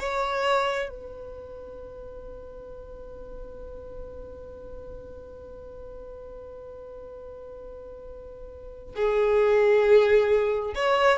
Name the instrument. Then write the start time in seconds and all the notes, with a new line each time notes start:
violin
0.00 C#5
0.90 B4
8.96 G#4
10.75 C#5